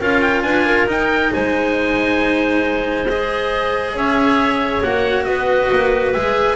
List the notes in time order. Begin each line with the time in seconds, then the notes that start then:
0.00 C#4 F4 A#4 F5
0.22 G5
0.43 D4 B4 G#5
0.66 A#4
0.87 D#4 G5
1.33 G#3 C5 G#5
3.09 G#4 D#5
3.94 C#4 C#5 E5
4.83 A#3 F#4 F#5
5.25 B3 B4 D#5
5.72 A#3
6.14 G#3 G#4 E5